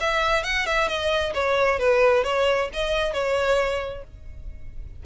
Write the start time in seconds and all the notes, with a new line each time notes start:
0.00 E5
0.43 F#5
0.66 E5
0.88 D#5
1.34 C#5
1.79 B4
2.24 C#5
2.73 D#5
3.13 C#5